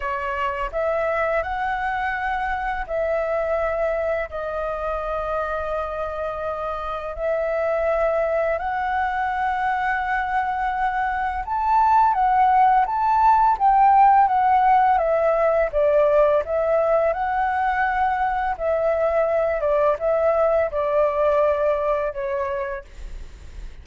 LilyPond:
\new Staff \with { instrumentName = "flute" } { \time 4/4 \tempo 4 = 84 cis''4 e''4 fis''2 | e''2 dis''2~ | dis''2 e''2 | fis''1 |
a''4 fis''4 a''4 g''4 | fis''4 e''4 d''4 e''4 | fis''2 e''4. d''8 | e''4 d''2 cis''4 | }